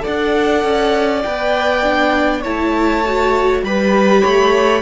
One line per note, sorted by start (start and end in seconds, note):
0.00 1.20 A4
0.00 2.42 D5
0.00 1.22 F#5
0.07 0.64 D4
0.64 1.24 C#4
1.22 2.44 B3
1.22 1.82 B4
1.22 2.42 G5
1.82 2.43 D4
2.42 3.62 A3
2.42 3.04 E4
2.42 3.62 C#5
2.42 3.64 A5
3.06 3.66 F#4
3.62 4.22 G3
3.62 4.81 G4
3.62 4.21 B4
3.62 4.81 B5
4.21 4.81 A3
4.21 4.81 C#5